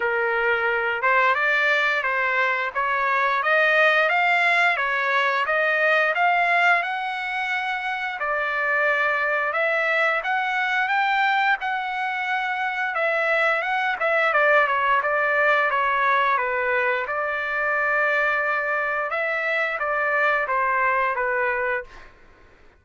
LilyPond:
\new Staff \with { instrumentName = "trumpet" } { \time 4/4 \tempo 4 = 88 ais'4. c''8 d''4 c''4 | cis''4 dis''4 f''4 cis''4 | dis''4 f''4 fis''2 | d''2 e''4 fis''4 |
g''4 fis''2 e''4 | fis''8 e''8 d''8 cis''8 d''4 cis''4 | b'4 d''2. | e''4 d''4 c''4 b'4 | }